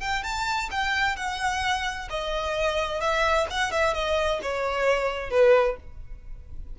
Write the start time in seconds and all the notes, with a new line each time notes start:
0.00 G5
0.23 A5
0.71 G5
1.16 F#5
2.10 D#5
3.00 E5
3.50 F#5
3.72 E5
3.94 D#5
4.42 C#5
5.30 B4